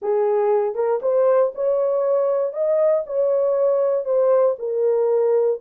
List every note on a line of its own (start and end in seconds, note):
0.02 0.74 G#4
0.74 1.00 A#4
1.02 1.53 C5
1.54 2.53 C#5
2.53 3.04 D#5
3.06 4.04 C#5
4.04 4.55 C5
4.58 5.60 A#4